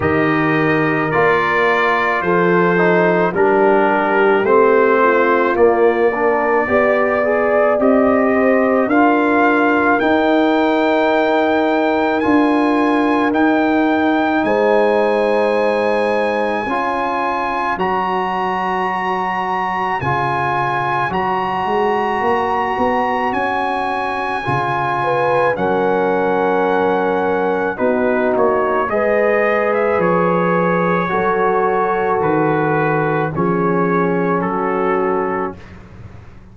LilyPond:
<<
  \new Staff \with { instrumentName = "trumpet" } { \time 4/4 \tempo 4 = 54 dis''4 d''4 c''4 ais'4 | c''4 d''2 dis''4 | f''4 g''2 gis''4 | g''4 gis''2. |
ais''2 gis''4 ais''4~ | ais''4 gis''2 fis''4~ | fis''4 b'8 cis''8 dis''8. e''16 cis''4~ | cis''4 b'4 cis''4 a'4 | }
  \new Staff \with { instrumentName = "horn" } { \time 4/4 ais'2 a'4 g'4~ | g'8 f'4 ais'8 d''4. c''8 | ais'1~ | ais'4 c''2 cis''4~ |
cis''1~ | cis''2~ cis''8 b'8 ais'4~ | ais'4 fis'4 b'2 | a'2 gis'4 fis'4 | }
  \new Staff \with { instrumentName = "trombone" } { \time 4/4 g'4 f'4. dis'8 d'4 | c'4 ais8 d'8 g'8 gis'8 g'4 | f'4 dis'2 f'4 | dis'2. f'4 |
fis'2 f'4 fis'4~ | fis'2 f'4 cis'4~ | cis'4 dis'4 gis'2 | fis'2 cis'2 | }
  \new Staff \with { instrumentName = "tuba" } { \time 4/4 dis4 ais4 f4 g4 | a4 ais4 b4 c'4 | d'4 dis'2 d'4 | dis'4 gis2 cis'4 |
fis2 cis4 fis8 gis8 | ais8 b8 cis'4 cis4 fis4~ | fis4 b8 ais8 gis4 f4 | fis4 dis4 f4 fis4 | }
>>